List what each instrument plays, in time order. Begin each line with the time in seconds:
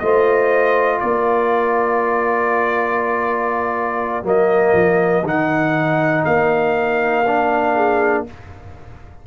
0.00 tuba A3, trombone F4, horn C5, trumpet D#5
1.00 tuba A#3, horn A#4, trumpet D5
4.24 tuba F#3, trombone A#3, trumpet D#5
4.74 tuba F3
5.23 tuba D#3, trombone D#4, trumpet F#5
6.25 tuba A#3, trumpet F5
7.27 trombone D4
7.75 horn G#4